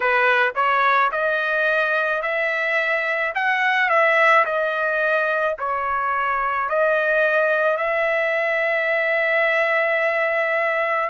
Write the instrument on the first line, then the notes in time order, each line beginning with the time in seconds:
trumpet
0.00 B4
0.55 C#5
1.11 D#5
2.22 E5
3.34 F#5
3.89 E5
4.44 D#5
5.58 C#5
6.69 D#5
7.77 E5